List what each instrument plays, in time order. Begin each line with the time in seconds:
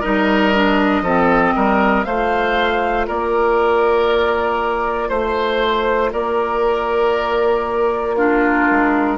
0.00 bassoon G3, clarinet D#4, oboe A#4, flute D#5
0.54 clarinet D4
1.02 bassoon F3, clarinet C4, oboe A4
1.56 bassoon G3, oboe A#4
2.04 bassoon A3, clarinet F4, oboe C5, flute F5
3.07 bassoon A#3, oboe A#4, flute D5
5.08 bassoon A3, oboe C5, flute C5
6.12 bassoon A#3, oboe A#4, flute D5
8.16 clarinet D4, oboe F4, flute A#4
8.70 bassoon G#3